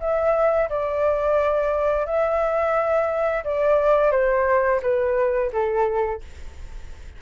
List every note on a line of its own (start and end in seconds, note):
0.00 0.69 E5
0.70 2.06 D5
2.06 3.44 E5
3.45 4.12 D5
4.12 4.81 C5
4.82 5.51 B4
5.53 6.22 A4